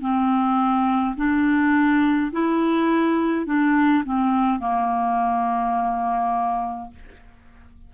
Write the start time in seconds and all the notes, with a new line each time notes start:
0.00 C4
1.16 D4
2.32 E4
3.46 D4
4.04 C4
4.59 A#3